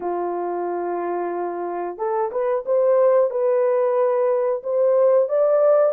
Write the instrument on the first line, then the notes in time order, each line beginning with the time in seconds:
horn
0.00 F4
1.98 A4
2.31 B4
2.65 C5
3.30 B4
4.63 C5
5.28 D5